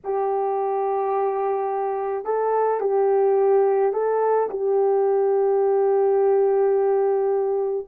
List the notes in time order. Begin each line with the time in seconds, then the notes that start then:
0.04 G4
2.24 A4
2.80 G4
3.93 A4
4.50 G4